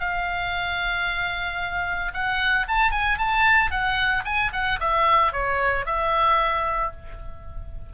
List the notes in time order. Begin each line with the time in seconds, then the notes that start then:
0.00 F5
2.14 F#5
2.68 A5
2.92 G#5
3.18 A5
3.71 F#5
4.25 G#5
4.53 F#5
4.80 E5
5.33 C#5
5.86 E5